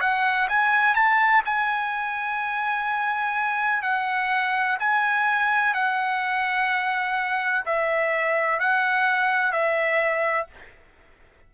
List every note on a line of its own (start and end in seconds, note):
0.00 0.48 F#5
0.48 0.94 G#5
0.94 1.42 A5
1.45 3.82 G#5
3.82 4.77 F#5
4.80 5.74 G#5
5.74 7.64 F#5
7.65 8.59 E5
8.59 9.52 F#5
9.52 10.47 E5